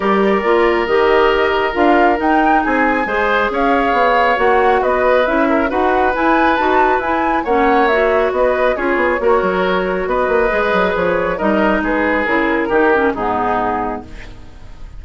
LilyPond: <<
  \new Staff \with { instrumentName = "flute" } { \time 4/4 \tempo 4 = 137 d''2 dis''2 | f''4 g''4 gis''2 | f''2 fis''4 dis''4 | e''4 fis''4 gis''4 a''4 |
gis''4 fis''4 e''4 dis''4 | cis''2. dis''4~ | dis''4 cis''4 dis''4 b'4 | ais'2 gis'2 | }
  \new Staff \with { instrumentName = "oboe" } { \time 4/4 ais'1~ | ais'2 gis'4 c''4 | cis''2. b'4~ | b'8 ais'8 b'2.~ |
b'4 cis''2 b'4 | gis'4 ais'2 b'4~ | b'2 ais'4 gis'4~ | gis'4 g'4 dis'2 | }
  \new Staff \with { instrumentName = "clarinet" } { \time 4/4 g'4 f'4 g'2 | f'4 dis'2 gis'4~ | gis'2 fis'2 | e'4 fis'4 e'4 fis'4 |
e'4 cis'4 fis'2 | f'4 fis'2. | gis'2 dis'2 | e'4 dis'8 cis'8 b2 | }
  \new Staff \with { instrumentName = "bassoon" } { \time 4/4 g4 ais4 dis2 | d'4 dis'4 c'4 gis4 | cis'4 b4 ais4 b4 | cis'4 dis'4 e'4 dis'4 |
e'4 ais2 b4 | cis'8 b8 ais8 fis4. b8 ais8 | gis8 fis8 f4 g4 gis4 | cis4 dis4 gis,2 | }
>>